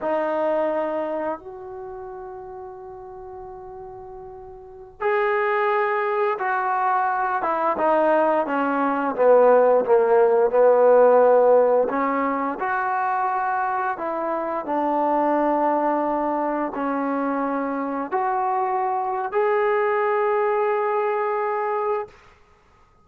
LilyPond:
\new Staff \with { instrumentName = "trombone" } { \time 4/4 \tempo 4 = 87 dis'2 fis'2~ | fis'2.~ fis'16 gis'8.~ | gis'4~ gis'16 fis'4. e'8 dis'8.~ | dis'16 cis'4 b4 ais4 b8.~ |
b4~ b16 cis'4 fis'4.~ fis'16~ | fis'16 e'4 d'2~ d'8.~ | d'16 cis'2 fis'4.~ fis'16 | gis'1 | }